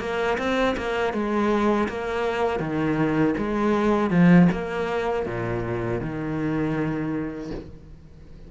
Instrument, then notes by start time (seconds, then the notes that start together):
cello
0.00 A#3
0.38 C4
0.77 A#3
1.13 G#3
1.88 A#3
2.59 D#3
3.38 G#3
4.10 F3
4.52 A#3
5.26 A#2
6.01 D#3